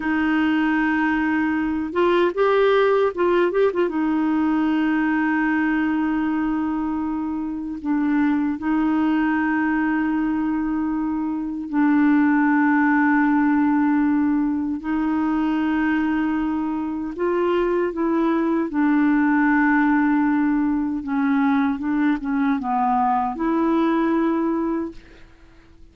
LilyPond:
\new Staff \with { instrumentName = "clarinet" } { \time 4/4 \tempo 4 = 77 dis'2~ dis'8 f'8 g'4 | f'8 g'16 f'16 dis'2.~ | dis'2 d'4 dis'4~ | dis'2. d'4~ |
d'2. dis'4~ | dis'2 f'4 e'4 | d'2. cis'4 | d'8 cis'8 b4 e'2 | }